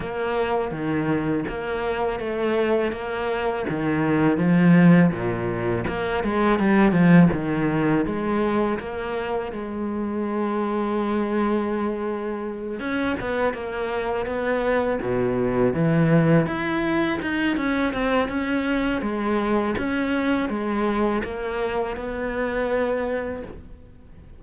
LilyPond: \new Staff \with { instrumentName = "cello" } { \time 4/4 \tempo 4 = 82 ais4 dis4 ais4 a4 | ais4 dis4 f4 ais,4 | ais8 gis8 g8 f8 dis4 gis4 | ais4 gis2.~ |
gis4. cis'8 b8 ais4 b8~ | b8 b,4 e4 e'4 dis'8 | cis'8 c'8 cis'4 gis4 cis'4 | gis4 ais4 b2 | }